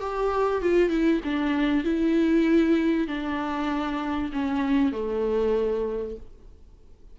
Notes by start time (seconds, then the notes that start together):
0.00 G4
0.62 F4
0.89 E4
1.24 D4
1.84 E4
3.07 D4
4.32 C#4
4.92 A3